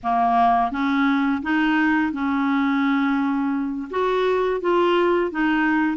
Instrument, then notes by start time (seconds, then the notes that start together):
clarinet
0.03 A#3
0.71 C#4
1.42 D#4
2.12 C#4
3.90 F#4
4.60 F4
5.31 D#4